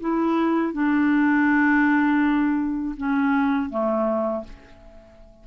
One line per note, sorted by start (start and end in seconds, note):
0.00 0.73 E4
0.73 2.95 D4
2.97 3.70 C#4
3.70 4.44 A3